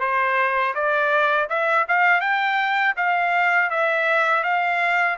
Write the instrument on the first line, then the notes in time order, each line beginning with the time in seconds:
trumpet
0.00 C5
0.74 D5
1.49 E5
1.88 F5
2.20 G5
2.96 F5
3.70 E5
4.43 F5